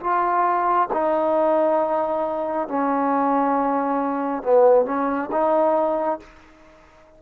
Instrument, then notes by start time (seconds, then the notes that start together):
trombone
0.00 F4
0.93 D#4
2.68 C#4
4.42 B3
4.85 C#4
5.31 D#4